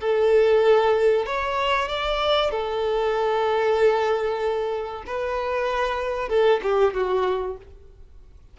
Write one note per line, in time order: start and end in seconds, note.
0.00 1.25 A4
1.25 1.88 C#5
1.88 2.50 D5
2.50 5.03 A4
5.06 6.28 B4
6.28 6.60 A4
6.62 6.94 G4
6.94 7.57 F#4